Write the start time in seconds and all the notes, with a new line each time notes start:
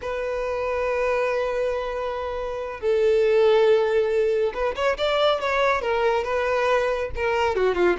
0.01 B4
2.80 A4
4.53 B4
4.75 C#5
4.97 D5
5.40 C#5
5.81 A#4
6.24 B4
7.15 A#4
7.55 F#4
7.75 F4